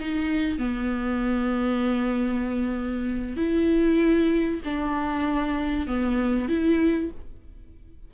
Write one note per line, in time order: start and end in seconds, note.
0.00 0.58 D#4
0.58 3.37 B3
3.37 4.61 E4
4.65 5.87 D4
5.87 6.49 B3
6.49 7.11 E4